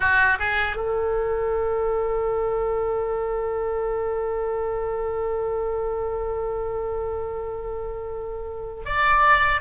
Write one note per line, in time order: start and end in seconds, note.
0.00 0.38 F#4
0.39 0.76 G#4
0.76 8.83 A4
8.85 9.61 D5